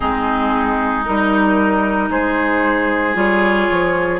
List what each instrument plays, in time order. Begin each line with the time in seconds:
0.00 bassoon G#3, clarinet C4, oboe D#4, flute G#4
1.04 bassoon G3, clarinet D#4, flute A#4
2.10 bassoon G#3, oboe G#4, flute C5
3.14 bassoon G3, clarinet F4, flute C#5
3.71 bassoon F3